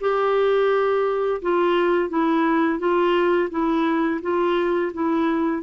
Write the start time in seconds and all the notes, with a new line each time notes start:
0.00 G4
1.42 F4
2.10 E4
2.79 F4
3.50 E4
4.22 F4
4.93 E4